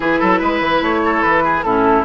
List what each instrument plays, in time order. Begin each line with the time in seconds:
0.00 bassoon E3, clarinet E4, oboe G#4, flute B4
0.19 bassoon F#3, oboe A4
0.39 bassoon G#3, oboe B4
0.60 bassoon E3
0.81 bassoon A3, flute C#5
1.04 oboe A4
1.22 bassoon E3, flute B4
1.43 oboe G#4
1.62 bassoon A2, clarinet C#4, oboe E4, flute A4